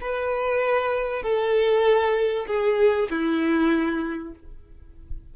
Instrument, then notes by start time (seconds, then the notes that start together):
violin
0.00 B4
1.22 A4
2.47 G#4
3.10 E4